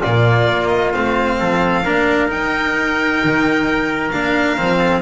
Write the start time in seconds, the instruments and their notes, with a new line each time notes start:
0.00 double bass A#2, cello A#3, trumpet F4, violin D5
0.48 double bass A#3
0.68 violin D#5
0.94 double bass A3, cello C4, violin F5
1.39 double bass F3, trumpet A4
1.85 double bass A#3, cello D4, trumpet A#4
2.28 cello D#4, double bass D#4, violin G5
3.24 double bass D#3
4.11 double bass A#3, cello D4, violin F5
4.57 double bass F3, cello C4
4.79 trumpet A4